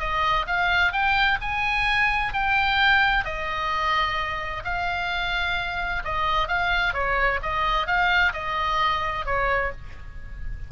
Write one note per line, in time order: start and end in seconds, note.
0.00 0.46 D#5
0.47 0.93 F5
0.93 1.39 G5
1.41 2.33 G#5
2.33 3.25 G5
3.25 4.63 D#5
4.65 6.03 F5
6.05 6.48 D#5
6.48 6.94 F5
6.94 7.40 C#5
7.43 7.87 D#5
7.87 8.33 F5
8.33 9.26 D#5
9.26 9.72 C#5